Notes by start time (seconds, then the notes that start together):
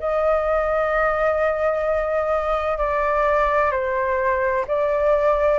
0.00 D#5
2.78 D5
3.72 C5
4.67 D5